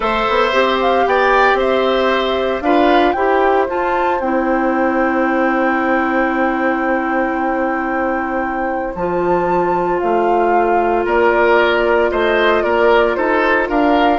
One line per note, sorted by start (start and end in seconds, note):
0.00 0.25 A3
0.00 0.50 A4
0.00 1.05 C5
0.00 0.79 E5
0.29 0.53 B3
0.52 1.05 C4
0.52 2.62 G4
0.81 1.07 F5
1.05 1.54 B3
1.05 1.58 D5
1.05 1.59 G5
1.54 2.59 C4
1.54 2.63 C5
1.54 2.61 E5
2.61 3.13 D4
2.61 3.16 F4
2.61 3.14 B4
2.61 3.12 F5
3.12 3.68 E4
3.12 3.67 G4
3.12 11.04 C5
3.12 3.64 G5
3.67 4.20 F4
3.67 4.20 A5
4.20 8.94 C4
4.20 8.96 E4
4.20 8.94 G5
8.95 10.00 F3
8.95 14.19 F4
8.95 9.99 A5
9.99 11.05 A3
9.99 11.04 F5
11.05 12.10 A#3
11.05 12.10 A#4
11.05 12.11 D5
12.11 12.63 A3
12.11 12.63 C5
12.11 12.63 D#5
12.63 13.16 A#3
12.63 13.16 A#4
12.63 13.15 D5
13.15 13.69 D#4
13.15 13.68 A4
13.15 13.68 C5
13.68 14.19 D4
13.68 14.19 A#4
13.68 14.19 F5